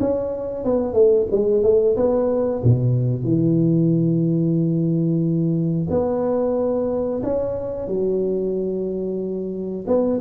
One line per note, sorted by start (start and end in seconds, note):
0.00 0.65 C#4
0.65 0.94 B3
0.94 1.27 A3
1.32 1.63 G#3
1.63 1.96 A3
1.97 2.63 B3
2.64 3.24 B2
3.24 5.87 E3
5.90 7.22 B3
7.23 7.88 C#4
7.88 9.86 F#3
9.87 10.20 B3